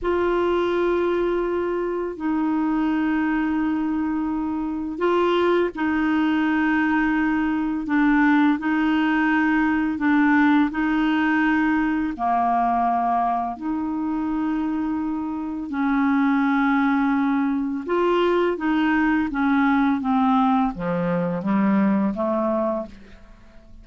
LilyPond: \new Staff \with { instrumentName = "clarinet" } { \time 4/4 \tempo 4 = 84 f'2. dis'4~ | dis'2. f'4 | dis'2. d'4 | dis'2 d'4 dis'4~ |
dis'4 ais2 dis'4~ | dis'2 cis'2~ | cis'4 f'4 dis'4 cis'4 | c'4 f4 g4 a4 | }